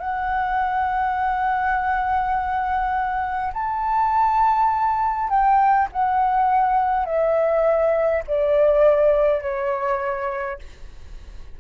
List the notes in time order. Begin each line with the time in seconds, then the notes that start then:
0.00 F#5
3.54 A5
5.30 G5
5.93 F#5
7.05 E5
8.28 D5
9.42 C#5